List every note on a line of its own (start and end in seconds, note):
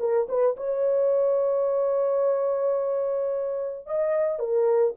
0.00 0.28 A#4
0.29 0.57 B4
0.57 3.87 C#5
3.87 4.39 D#5
4.39 4.94 A#4